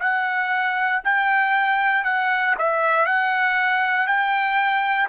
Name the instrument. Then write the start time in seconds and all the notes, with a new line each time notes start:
trumpet
0.00 F#5
1.04 G5
2.04 F#5
2.58 E5
3.06 F#5
4.07 G5